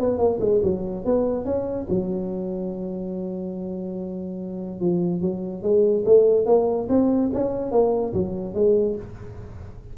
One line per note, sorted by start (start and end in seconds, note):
0.00 0.18 B3
0.18 0.39 A#3
0.41 0.61 G#3
0.63 1.05 F#3
1.05 1.45 B3
1.45 1.87 C#4
1.89 4.80 F#3
4.80 5.22 F3
5.22 5.63 F#3
5.63 6.04 G#3
6.05 6.46 A3
6.46 6.88 A#3
6.89 7.31 C4
7.33 7.72 C#4
7.72 8.13 A#3
8.13 8.54 F#3
8.54 8.96 G#3